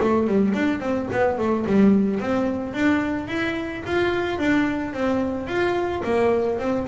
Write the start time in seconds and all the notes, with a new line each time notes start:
0.00 A3
0.27 G3
0.54 D4
0.80 C4
1.12 B3
1.38 A3
1.66 G3
2.19 C4
2.73 D4
3.27 E4
3.86 F4
4.38 D4
4.93 C4
5.47 F4
6.04 A#3
6.59 C4